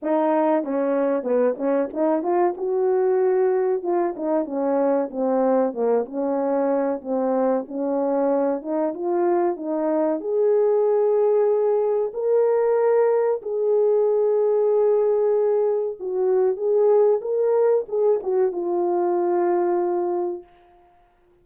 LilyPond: \new Staff \with { instrumentName = "horn" } { \time 4/4 \tempo 4 = 94 dis'4 cis'4 b8 cis'8 dis'8 f'8 | fis'2 f'8 dis'8 cis'4 | c'4 ais8 cis'4. c'4 | cis'4. dis'8 f'4 dis'4 |
gis'2. ais'4~ | ais'4 gis'2.~ | gis'4 fis'4 gis'4 ais'4 | gis'8 fis'8 f'2. | }